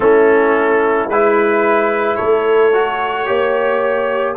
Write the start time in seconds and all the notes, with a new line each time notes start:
0.00 A3 C#4 E4 A4
1.07 G#3 E4 B4
2.15 A3 A4 C#5
2.73 F#4
3.26 A#3 G4 C#5